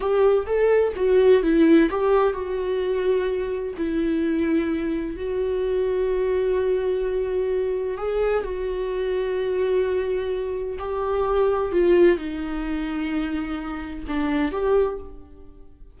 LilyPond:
\new Staff \with { instrumentName = "viola" } { \time 4/4 \tempo 4 = 128 g'4 a'4 fis'4 e'4 | g'4 fis'2. | e'2. fis'4~ | fis'1~ |
fis'4 gis'4 fis'2~ | fis'2. g'4~ | g'4 f'4 dis'2~ | dis'2 d'4 g'4 | }